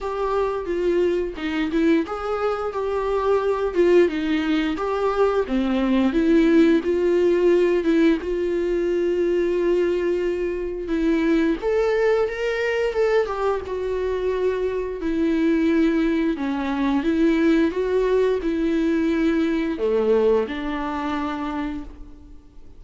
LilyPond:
\new Staff \with { instrumentName = "viola" } { \time 4/4 \tempo 4 = 88 g'4 f'4 dis'8 e'8 gis'4 | g'4. f'8 dis'4 g'4 | c'4 e'4 f'4. e'8 | f'1 |
e'4 a'4 ais'4 a'8 g'8 | fis'2 e'2 | cis'4 e'4 fis'4 e'4~ | e'4 a4 d'2 | }